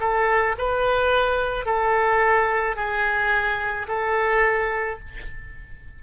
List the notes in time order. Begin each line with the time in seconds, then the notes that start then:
0.00 A4
0.58 B4
1.66 A4
2.76 G#4
3.88 A4